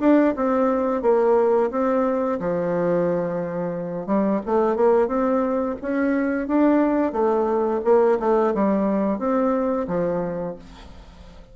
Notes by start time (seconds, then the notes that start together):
0.00 D4
0.36 C4
1.02 A#3
1.71 C4
2.40 F3
4.06 G3
4.45 A3
4.76 A#3
5.07 C4
5.82 C#4
6.47 D4
7.12 A3
7.84 A#3
8.20 A3
8.54 G3
9.19 C4
9.87 F3